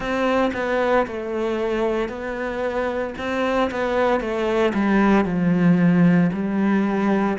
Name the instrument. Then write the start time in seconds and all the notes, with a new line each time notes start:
cello
0.00 C4
0.53 B3
1.06 A3
2.08 B3
3.18 C4
3.70 B3
4.20 A3
4.74 G3
5.24 F3
6.33 G3